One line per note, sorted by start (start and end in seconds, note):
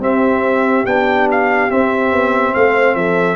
0.00 0.85 C4
0.00 2.55 G4
0.00 0.86 E5
0.85 1.70 B3
0.85 1.70 D4
0.85 1.29 G5
1.32 1.71 F5
1.70 3.37 C4
1.70 2.12 C4
1.70 2.54 E5
2.12 2.54 B3
2.54 2.95 A3
2.54 2.96 C5
2.54 2.95 F5
2.95 3.37 F3
2.95 3.37 A4
2.95 3.37 E5